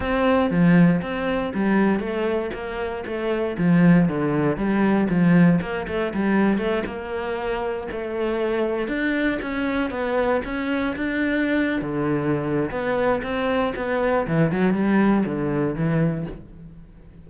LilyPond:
\new Staff \with { instrumentName = "cello" } { \time 4/4 \tempo 4 = 118 c'4 f4 c'4 g4 | a4 ais4 a4 f4 | d4 g4 f4 ais8 a8 | g4 a8 ais2 a8~ |
a4. d'4 cis'4 b8~ | b8 cis'4 d'4.~ d'16 d8.~ | d4 b4 c'4 b4 | e8 fis8 g4 d4 e4 | }